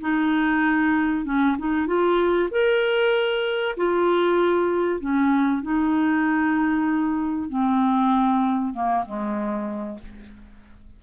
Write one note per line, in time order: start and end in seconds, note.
0.00 1.25 D#4
1.25 1.56 C#4
1.58 1.86 D#4
1.86 2.49 F4
2.50 3.75 A#4
3.76 5.00 F4
5.00 5.62 C#4
5.62 7.49 D#4
7.49 8.73 C4
8.73 9.05 A#3
9.05 9.99 G#3